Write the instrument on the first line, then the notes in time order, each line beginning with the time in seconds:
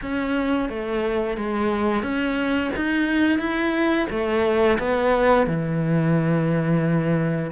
cello
0.02 C#4
0.68 A3
1.37 G#3
2.02 C#4
2.76 D#4
3.38 E4
4.10 A3
4.78 B3
5.46 E3